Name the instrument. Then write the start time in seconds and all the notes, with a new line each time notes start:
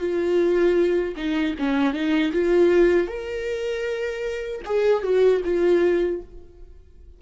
viola
0.00 F4
1.16 D#4
1.58 C#4
1.94 D#4
2.33 F4
3.07 A#4
4.65 G#4
5.03 F#4
5.44 F4